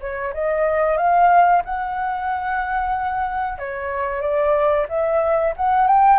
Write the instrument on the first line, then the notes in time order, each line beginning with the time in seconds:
flute
0.00 C#5
0.33 D#5
0.97 F5
1.65 F#5
3.58 C#5
4.21 D5
4.89 E5
5.56 F#5
5.87 G5